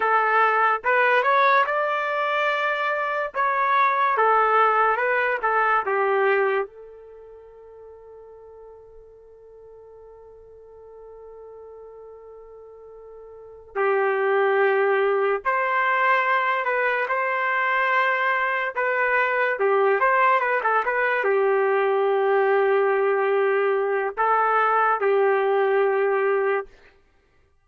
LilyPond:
\new Staff \with { instrumentName = "trumpet" } { \time 4/4 \tempo 4 = 72 a'4 b'8 cis''8 d''2 | cis''4 a'4 b'8 a'8 g'4 | a'1~ | a'1~ |
a'8 g'2 c''4. | b'8 c''2 b'4 g'8 | c''8 b'16 a'16 b'8 g'2~ g'8~ | g'4 a'4 g'2 | }